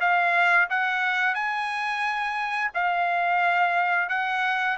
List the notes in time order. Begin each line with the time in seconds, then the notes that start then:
0.00 F5
0.70 F#5
1.35 G#5
2.74 F5
4.09 F#5